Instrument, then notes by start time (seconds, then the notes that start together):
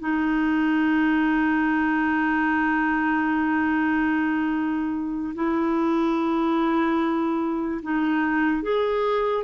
clarinet
0.00 D#4
5.35 E4
7.83 D#4
8.63 G#4